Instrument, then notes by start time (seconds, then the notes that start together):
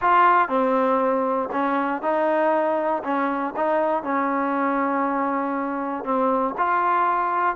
trombone
0.01 F4
0.48 C4
1.51 C#4
2.02 D#4
3.03 C#4
3.56 D#4
4.03 C#4
6.04 C4
6.57 F4